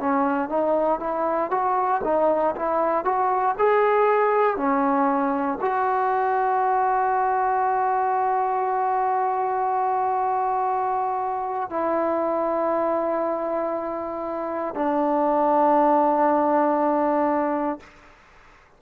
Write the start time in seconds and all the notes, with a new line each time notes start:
0.00 C#4
0.49 D#4
1.00 E4
1.51 F#4
2.04 D#4
2.56 E4
3.05 F#4
3.58 G#4
4.57 C#4
5.61 F#4
11.69 E4
14.75 D4